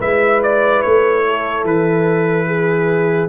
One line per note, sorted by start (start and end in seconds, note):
0.00 0.83 G#3
0.00 3.29 E4
0.00 1.23 B4
0.00 0.42 E5
0.43 0.83 D5
0.83 1.65 A3
0.83 1.65 C#5
1.28 2.47 A4
1.65 3.29 E3
1.65 3.29 B4
2.47 3.29 G#4